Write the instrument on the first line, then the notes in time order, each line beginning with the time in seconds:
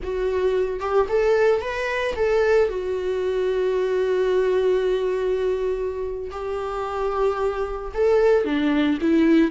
viola
0.03 F#4
0.80 G4
1.09 A4
1.61 B4
2.15 A4
2.68 F#4
6.31 G4
7.94 A4
8.44 D4
9.01 E4